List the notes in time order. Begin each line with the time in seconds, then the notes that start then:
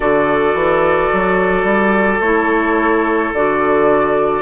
0.00 D3 F#4 A4 D5
0.53 E3
1.12 F#3
1.63 G3
2.20 A3 E4 C#5
3.33 D3 F#4 D5